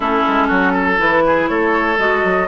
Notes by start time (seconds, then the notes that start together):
0.00 A3 C#4 E4 A4
0.27 G#3
0.47 F#3 F#4
0.73 A4
0.97 E3 E4 B4
1.26 G#4
1.48 A3 A4 C#5
1.98 G#3 F#4 D#5
2.24 F#3